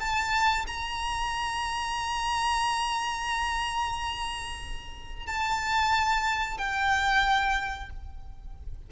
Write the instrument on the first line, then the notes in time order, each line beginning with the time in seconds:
violin
0.00 A5
0.67 A#5
5.27 A5
6.58 G5